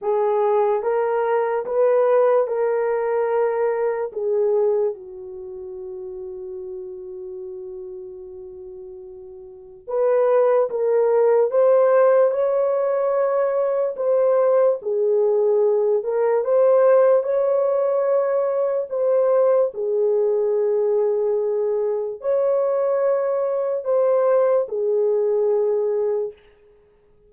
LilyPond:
\new Staff \with { instrumentName = "horn" } { \time 4/4 \tempo 4 = 73 gis'4 ais'4 b'4 ais'4~ | ais'4 gis'4 fis'2~ | fis'1 | b'4 ais'4 c''4 cis''4~ |
cis''4 c''4 gis'4. ais'8 | c''4 cis''2 c''4 | gis'2. cis''4~ | cis''4 c''4 gis'2 | }